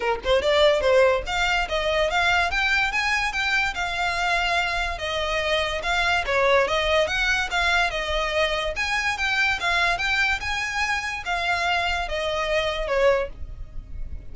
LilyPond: \new Staff \with { instrumentName = "violin" } { \time 4/4 \tempo 4 = 144 ais'8 c''8 d''4 c''4 f''4 | dis''4 f''4 g''4 gis''4 | g''4 f''2. | dis''2 f''4 cis''4 |
dis''4 fis''4 f''4 dis''4~ | dis''4 gis''4 g''4 f''4 | g''4 gis''2 f''4~ | f''4 dis''2 cis''4 | }